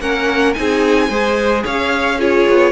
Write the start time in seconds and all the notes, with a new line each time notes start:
0.00 A#3 C#4 A#4 F#5
0.54 C4 D#4 G#5
0.60 G#4
1.09 G#3 G#4 C5
1.65 C#4 C#5 F5
2.18 F4 G#4 C#5
2.50 B3